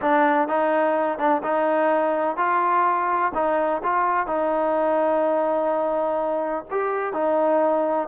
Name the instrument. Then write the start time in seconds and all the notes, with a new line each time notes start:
trombone
0.01 D4
0.48 D#4
1.18 D4
1.43 D#4
2.37 F4
3.34 D#4
3.83 F4
4.26 D#4
6.70 G4
7.13 D#4